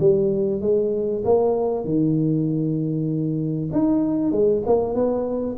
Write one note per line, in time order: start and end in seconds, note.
0.00 0.61 G3
0.61 1.23 G#3
1.25 1.85 A#3
1.85 3.70 D#3
3.73 4.32 D#4
4.32 4.63 G#3
4.66 4.95 A#3
4.95 5.56 B3